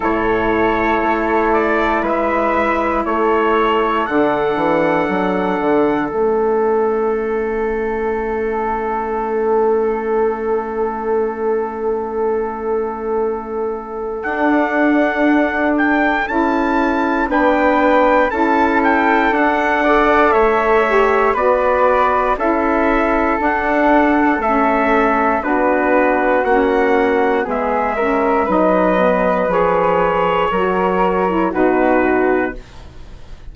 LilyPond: <<
  \new Staff \with { instrumentName = "trumpet" } { \time 4/4 \tempo 4 = 59 cis''4. d''8 e''4 cis''4 | fis''2 e''2~ | e''1~ | e''2 fis''4. g''8 |
a''4 g''4 a''8 g''8 fis''4 | e''4 d''4 e''4 fis''4 | e''4 b'4 fis''4 e''4 | dis''4 cis''2 b'4 | }
  \new Staff \with { instrumentName = "flute" } { \time 4/4 a'2 b'4 a'4~ | a'1~ | a'1~ | a'1~ |
a'4 b'4 a'4. d''8 | cis''4 b'4 a'2~ | a'4 fis'2 gis'8 ais'8 | b'2 ais'4 fis'4 | }
  \new Staff \with { instrumentName = "saxophone" } { \time 4/4 e'1 | d'2 cis'2~ | cis'1~ | cis'2 d'2 |
e'4 d'4 e'4 d'8 a'8~ | a'8 g'8 fis'4 e'4 d'4 | cis'4 d'4 cis'4 b8 cis'8 | dis'8 b8 gis'4 fis'8. e'16 dis'4 | }
  \new Staff \with { instrumentName = "bassoon" } { \time 4/4 a,4 a4 gis4 a4 | d8 e8 fis8 d8 a2~ | a1~ | a2 d'2 |
cis'4 b4 cis'4 d'4 | a4 b4 cis'4 d'4 | a4 b4 ais4 gis4 | fis4 f4 fis4 b,4 | }
>>